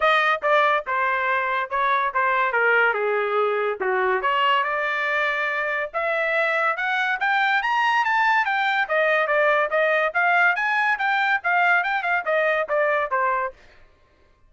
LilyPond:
\new Staff \with { instrumentName = "trumpet" } { \time 4/4 \tempo 4 = 142 dis''4 d''4 c''2 | cis''4 c''4 ais'4 gis'4~ | gis'4 fis'4 cis''4 d''4~ | d''2 e''2 |
fis''4 g''4 ais''4 a''4 | g''4 dis''4 d''4 dis''4 | f''4 gis''4 g''4 f''4 | g''8 f''8 dis''4 d''4 c''4 | }